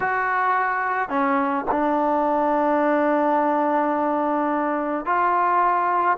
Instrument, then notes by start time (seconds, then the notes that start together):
trombone
0.00 F#4
1.09 C#4
1.71 D4
5.05 F4